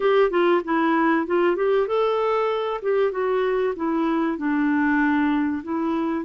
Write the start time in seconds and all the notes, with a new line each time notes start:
0.00 G4
0.30 F4
0.64 E4
1.26 F4
1.56 G4
1.87 A4
2.82 G4
3.11 F#4
3.76 E4
4.37 D4
5.63 E4